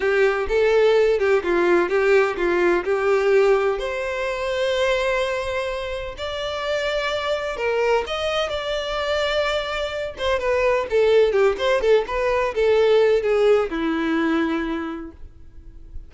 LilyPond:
\new Staff \with { instrumentName = "violin" } { \time 4/4 \tempo 4 = 127 g'4 a'4. g'8 f'4 | g'4 f'4 g'2 | c''1~ | c''4 d''2. |
ais'4 dis''4 d''2~ | d''4. c''8 b'4 a'4 | g'8 c''8 a'8 b'4 a'4. | gis'4 e'2. | }